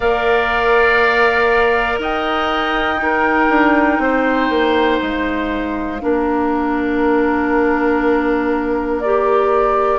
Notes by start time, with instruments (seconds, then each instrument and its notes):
0.00 bassoon A#3, clarinet A#4, oboe D5, flute F5
1.98 bassoon D#4, oboe D#5, flute G5
2.96 clarinet D#4, oboe A#4
3.48 bassoon D4
3.98 bassoon C4, oboe C5
4.49 bassoon A#3
5.01 bassoon G#3, flute F5
6.01 bassoon A#3, clarinet D4, oboe A#4
9.00 clarinet G4, flute D5